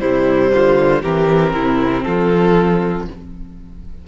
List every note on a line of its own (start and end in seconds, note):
0.00 0.52 C3
0.00 1.03 G3
0.00 0.51 E4
0.00 1.02 C5
0.54 1.03 D3
0.54 1.02 F4
1.02 1.54 E3
1.02 3.06 C4
1.02 1.53 G4
1.02 2.03 A#4
1.54 2.04 C3
1.54 2.05 E4
2.03 3.08 F3
2.03 3.07 F4
2.03 3.05 A4